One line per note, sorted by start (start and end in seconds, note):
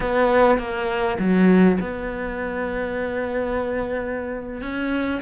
0.00 0.58 B3
0.58 1.17 A#3
1.19 1.78 F#3
1.80 4.61 B3
4.61 5.21 C#4